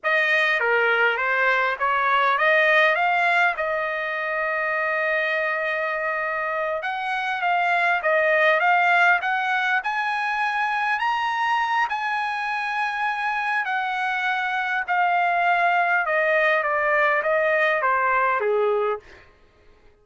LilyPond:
\new Staff \with { instrumentName = "trumpet" } { \time 4/4 \tempo 4 = 101 dis''4 ais'4 c''4 cis''4 | dis''4 f''4 dis''2~ | dis''2.~ dis''8 fis''8~ | fis''8 f''4 dis''4 f''4 fis''8~ |
fis''8 gis''2 ais''4. | gis''2. fis''4~ | fis''4 f''2 dis''4 | d''4 dis''4 c''4 gis'4 | }